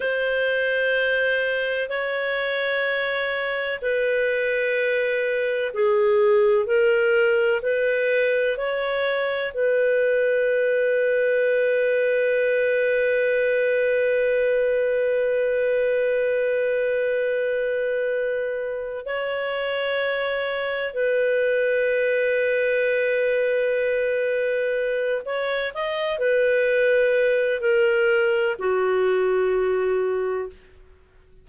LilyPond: \new Staff \with { instrumentName = "clarinet" } { \time 4/4 \tempo 4 = 63 c''2 cis''2 | b'2 gis'4 ais'4 | b'4 cis''4 b'2~ | b'1~ |
b'1 | cis''2 b'2~ | b'2~ b'8 cis''8 dis''8 b'8~ | b'4 ais'4 fis'2 | }